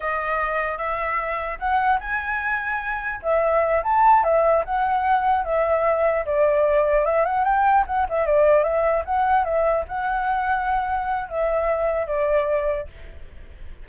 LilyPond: \new Staff \with { instrumentName = "flute" } { \time 4/4 \tempo 4 = 149 dis''2 e''2 | fis''4 gis''2. | e''4. a''4 e''4 fis''8~ | fis''4. e''2 d''8~ |
d''4. e''8 fis''8 g''4 fis''8 | e''8 d''4 e''4 fis''4 e''8~ | e''8 fis''2.~ fis''8 | e''2 d''2 | }